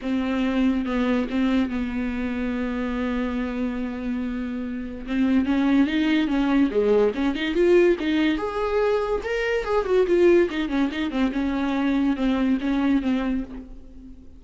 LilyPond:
\new Staff \with { instrumentName = "viola" } { \time 4/4 \tempo 4 = 143 c'2 b4 c'4 | b1~ | b1 | c'4 cis'4 dis'4 cis'4 |
gis4 cis'8 dis'8 f'4 dis'4 | gis'2 ais'4 gis'8 fis'8 | f'4 dis'8 cis'8 dis'8 c'8 cis'4~ | cis'4 c'4 cis'4 c'4 | }